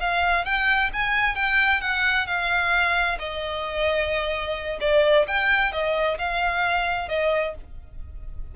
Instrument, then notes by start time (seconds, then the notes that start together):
violin
0.00 F5
0.45 G5
0.93 G#5
1.36 G5
1.82 F#5
2.27 F5
3.19 D#5
4.81 D5
5.28 G5
5.72 D#5
6.19 F5
7.09 D#5